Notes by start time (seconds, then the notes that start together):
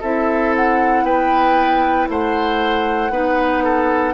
0.00 C4 E4 A4 E5
0.56 F#5
1.03 B3 B4 G5
2.09 A3 C5 F#5
3.10 B3 D#4 B4
3.63 A4